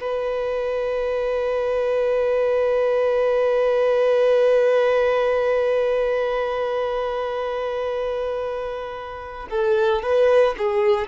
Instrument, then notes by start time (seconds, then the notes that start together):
violin
0.00 B4
9.50 A4
10.02 B4
10.57 G#4